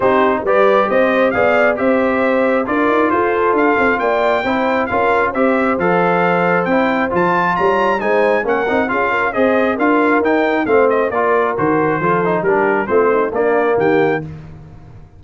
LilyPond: <<
  \new Staff \with { instrumentName = "trumpet" } { \time 4/4 \tempo 4 = 135 c''4 d''4 dis''4 f''4 | e''2 d''4 c''4 | f''4 g''2 f''4 | e''4 f''2 g''4 |
a''4 ais''4 gis''4 fis''4 | f''4 dis''4 f''4 g''4 | f''8 dis''8 d''4 c''2 | ais'4 c''4 d''4 g''4 | }
  \new Staff \with { instrumentName = "horn" } { \time 4/4 g'4 b'4 c''4 d''4 | c''2 ais'4 a'4~ | a'4 d''4 c''4 ais'4 | c''1~ |
c''4 cis''4 c''4 ais'4 | gis'8 ais'8 c''4 ais'2 | c''4 ais'2 a'4 | g'4 f'8 dis'8 d'4 g'4 | }
  \new Staff \with { instrumentName = "trombone" } { \time 4/4 dis'4 g'2 gis'4 | g'2 f'2~ | f'2 e'4 f'4 | g'4 a'2 e'4 |
f'2 dis'4 cis'8 dis'8 | f'4 gis'4 f'4 dis'4 | c'4 f'4 fis'4 f'8 dis'8 | d'4 c'4 ais2 | }
  \new Staff \with { instrumentName = "tuba" } { \time 4/4 c'4 g4 c'4 b4 | c'2 d'8 dis'8 f'4 | d'8 c'8 ais4 c'4 cis'4 | c'4 f2 c'4 |
f4 g4 gis4 ais8 c'8 | cis'4 c'4 d'4 dis'4 | a4 ais4 dis4 f4 | g4 a4 ais4 dis4 | }
>>